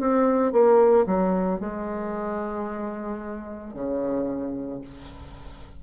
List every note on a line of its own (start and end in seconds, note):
0.00 0.53 C4
0.53 1.06 A#3
1.07 1.60 F#3
1.60 3.74 G#3
3.74 4.81 C#3